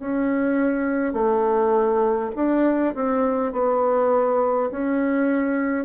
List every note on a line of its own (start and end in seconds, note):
0.00 1.14 C#4
1.14 2.32 A3
2.36 2.95 D4
2.96 3.53 C4
3.53 4.71 B3
4.72 5.86 C#4